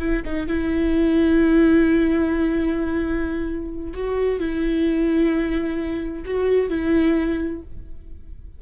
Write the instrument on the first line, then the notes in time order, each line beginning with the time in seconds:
viola
0.00 E4
0.25 D#4
0.48 E4
3.94 F#4
4.40 E4
6.25 F#4
6.70 E4